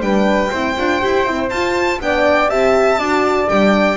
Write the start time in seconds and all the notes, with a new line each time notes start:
0.00 G3 D4 B4 G5
0.50 C4 E4 C5
0.78 D4 F4
1.01 E4 G4
1.25 C4 E4
1.50 F4 A5
2.01 B3 D4 D5 G5
2.49 C4 G4 E5 A5
2.99 D4 F#4 D5
3.49 G3 D4 G5